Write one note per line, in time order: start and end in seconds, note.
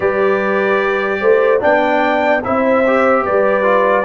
0.00 1.20 G3
0.00 1.60 G4
0.00 1.19 B4
0.00 1.61 D5
1.20 1.61 A3
1.20 1.61 C5
1.60 2.45 B3
1.60 2.41 D4
1.60 2.42 D5
1.60 2.43 G5
2.44 3.26 C4
2.44 2.85 E4
2.44 3.24 C5
2.44 3.25 E5
2.86 3.63 G4
3.24 4.04 G3
3.24 4.04 B4
3.24 4.04 D5
3.63 4.03 F4